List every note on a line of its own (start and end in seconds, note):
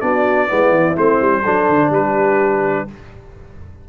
0.00 0.49 B3
0.00 0.48 D4
0.00 0.48 F#4
0.00 0.96 D5
0.48 0.69 G#3
0.48 0.95 B3
0.48 1.42 E4
0.69 0.93 E3
0.96 1.20 A3
0.96 1.43 C4
0.96 1.93 C5
1.20 1.44 G3
1.42 1.69 F#3
1.42 2.88 D4
1.42 1.89 A4
1.69 1.90 D3
1.90 2.85 G3
1.90 2.87 G4
1.90 2.88 B4